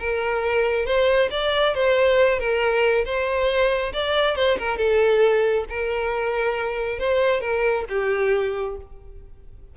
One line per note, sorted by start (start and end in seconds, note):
0.00 0.86 A#4
0.86 1.30 C5
1.31 1.75 D5
1.75 2.39 C5
2.39 3.05 A#4
3.06 3.93 C5
3.94 4.36 D5
4.36 4.58 C5
4.59 4.78 A#4
4.78 5.66 A4
5.70 6.99 A#4
6.99 7.41 C5
7.41 7.85 A#4
7.90 8.77 G4